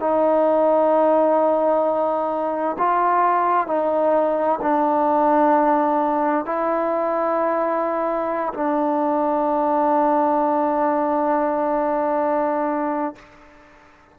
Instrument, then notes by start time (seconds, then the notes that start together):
trombone
0.00 D#4
2.78 F4
3.67 D#4
4.62 D4
6.46 E4
8.54 D4